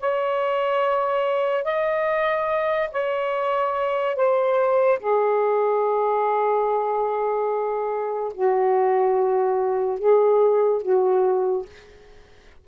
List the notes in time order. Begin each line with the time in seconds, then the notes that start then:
0.00 C#5
1.64 D#5
2.92 C#5
4.16 C5
5.00 G#4
8.34 F#4
9.99 G#4
10.83 F#4